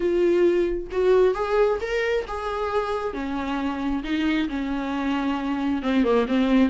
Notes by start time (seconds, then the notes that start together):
0.00 F4
0.91 F#4
1.34 G#4
1.81 A#4
2.27 G#4
3.13 C#4
4.03 D#4
4.48 C#4
5.82 C4
6.04 A#3
6.28 C4